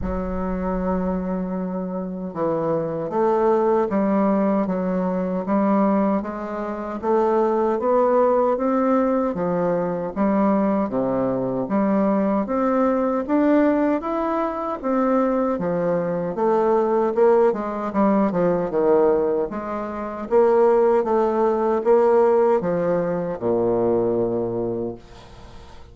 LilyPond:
\new Staff \with { instrumentName = "bassoon" } { \time 4/4 \tempo 4 = 77 fis2. e4 | a4 g4 fis4 g4 | gis4 a4 b4 c'4 | f4 g4 c4 g4 |
c'4 d'4 e'4 c'4 | f4 a4 ais8 gis8 g8 f8 | dis4 gis4 ais4 a4 | ais4 f4 ais,2 | }